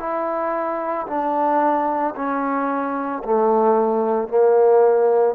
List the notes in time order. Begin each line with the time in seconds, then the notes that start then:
0.00 E4
1.08 D4
2.16 C#4
3.25 A3
4.29 A#3